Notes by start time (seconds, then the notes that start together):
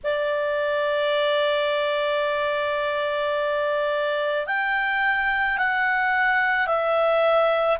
0.03 D5
4.46 G5
5.57 F#5
6.66 E5